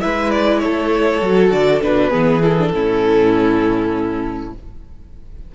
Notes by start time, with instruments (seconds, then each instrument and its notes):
0.00 cello G#3, viola E4, violin B4 E5
0.30 violin D5
0.58 cello A3, violin A4 C#5
1.22 cello F#3, viola F#4
1.51 cello D3, violin D5
1.81 cello B2, viola D4, violin B4
2.09 cello E3, viola B3, violin G#4
2.42 viola E4, violin A4
2.58 viola D4
2.73 cello A2, viola C#4, violin E4